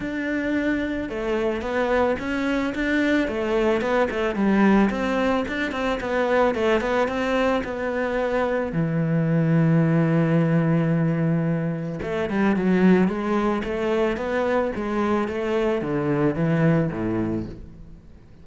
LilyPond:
\new Staff \with { instrumentName = "cello" } { \time 4/4 \tempo 4 = 110 d'2 a4 b4 | cis'4 d'4 a4 b8 a8 | g4 c'4 d'8 c'8 b4 | a8 b8 c'4 b2 |
e1~ | e2 a8 g8 fis4 | gis4 a4 b4 gis4 | a4 d4 e4 a,4 | }